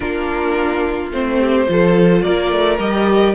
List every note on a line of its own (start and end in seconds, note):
0.00 1.11 A#3
0.00 1.11 D4
0.00 1.37 F4
0.00 1.10 A#4
1.11 1.67 A3
1.11 1.66 C4
1.11 2.22 C5
1.39 1.67 G4
1.66 2.24 F3
1.66 2.79 F4
1.66 2.24 A4
2.22 2.51 A#3
2.22 3.34 A#4
2.22 2.78 D5
2.51 2.79 A3
2.79 3.34 G3
2.79 3.34 G4
2.79 3.34 D#5